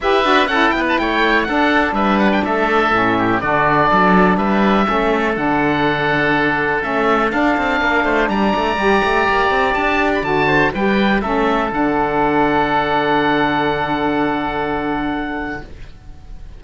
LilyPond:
<<
  \new Staff \with { instrumentName = "oboe" } { \time 4/4 \tempo 4 = 123 e''4 fis''8 g''16 a''16 g''4 fis''4 | e''8 fis''16 g''16 e''2 d''4~ | d''4 e''2 fis''4~ | fis''2 e''4 f''4~ |
f''4 ais''2. | a''8. b''16 a''4 g''4 e''4 | fis''1~ | fis''1 | }
  \new Staff \with { instrumentName = "oboe" } { \time 4/4 b'4 a'8 b'8 cis''4 a'4 | b'4 a'4. g'8 fis'4 | a'4 b'4 a'2~ | a'1 |
ais'8 c''8 d''2.~ | d''4. c''8 b'4 a'4~ | a'1~ | a'1 | }
  \new Staff \with { instrumentName = "saxophone" } { \time 4/4 g'8 fis'8 e'2 d'4~ | d'2 cis'4 d'4~ | d'2 cis'4 d'4~ | d'2 cis'4 d'4~ |
d'2 g'2~ | g'4 fis'4 g'4 cis'4 | d'1~ | d'1 | }
  \new Staff \with { instrumentName = "cello" } { \time 4/4 e'8 d'8 cis'8 b8 a4 d'4 | g4 a4 a,4 d4 | fis4 g4 a4 d4~ | d2 a4 d'8 c'8 |
ais8 a8 g8 a8 g8 a8 ais8 c'8 | d'4 d4 g4 a4 | d1~ | d1 | }
>>